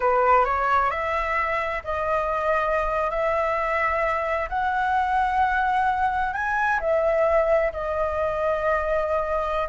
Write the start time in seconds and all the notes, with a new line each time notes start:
0.00 B4
0.44 C#5
0.90 E5
1.84 D#5
3.10 E5
4.49 F#5
6.33 G#5
6.80 E5
7.73 D#5